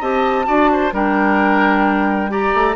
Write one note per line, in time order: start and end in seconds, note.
0.00 0.47 C4
0.00 0.45 G4
0.00 0.46 D#5
0.00 0.94 A5
0.45 0.93 D4
0.45 0.91 F#4
0.45 0.70 D5
0.73 0.94 C5
0.93 2.53 G3
0.93 2.29 D4
0.93 2.31 A#4
0.93 2.32 G5
2.29 2.75 G4
2.29 2.76 D5
2.29 2.76 A#5
2.54 2.76 A3